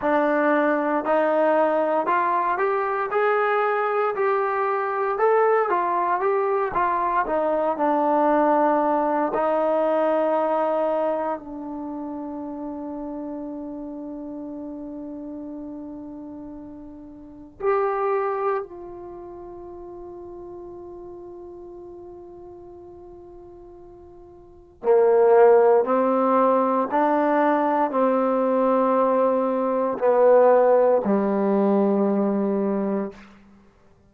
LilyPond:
\new Staff \with { instrumentName = "trombone" } { \time 4/4 \tempo 4 = 58 d'4 dis'4 f'8 g'8 gis'4 | g'4 a'8 f'8 g'8 f'8 dis'8 d'8~ | d'4 dis'2 d'4~ | d'1~ |
d'4 g'4 f'2~ | f'1 | ais4 c'4 d'4 c'4~ | c'4 b4 g2 | }